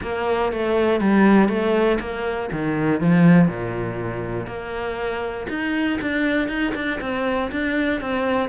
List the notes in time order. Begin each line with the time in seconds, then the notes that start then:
0.02 A#3
0.52 A3
1.00 G3
1.48 A3
2.00 A#3
2.52 D#3
3.00 F3
3.48 A#2
4.46 A#3
5.49 D#4
6.01 D4
6.48 D#4
6.74 D4
7.00 C4
7.51 D4
8.00 C4